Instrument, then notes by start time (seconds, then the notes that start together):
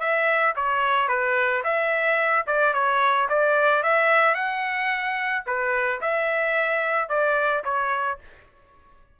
trumpet
0.00 E5
0.56 C#5
1.09 B4
1.64 E5
2.47 D5
2.74 C#5
3.30 D5
3.84 E5
4.35 F#5
5.46 B4
6.01 E5
7.09 D5
7.64 C#5